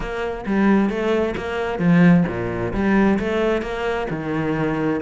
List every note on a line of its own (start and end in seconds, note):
0.00 0.44 A#3
0.46 0.89 G3
0.89 1.35 A3
1.36 1.78 A#3
1.78 2.24 F3
2.27 2.73 A#2
2.73 3.18 G3
3.19 3.61 A3
3.61 4.07 A#3
4.10 5.00 D#3